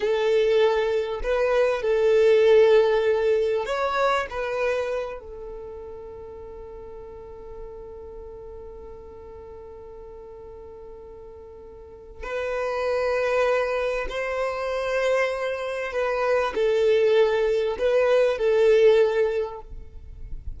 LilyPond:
\new Staff \with { instrumentName = "violin" } { \time 4/4 \tempo 4 = 98 a'2 b'4 a'4~ | a'2 cis''4 b'4~ | b'8 a'2.~ a'8~ | a'1~ |
a'1 | b'2. c''4~ | c''2 b'4 a'4~ | a'4 b'4 a'2 | }